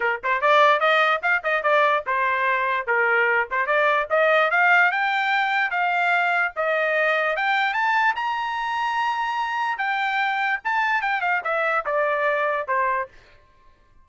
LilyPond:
\new Staff \with { instrumentName = "trumpet" } { \time 4/4 \tempo 4 = 147 ais'8 c''8 d''4 dis''4 f''8 dis''8 | d''4 c''2 ais'4~ | ais'8 c''8 d''4 dis''4 f''4 | g''2 f''2 |
dis''2 g''4 a''4 | ais''1 | g''2 a''4 g''8 f''8 | e''4 d''2 c''4 | }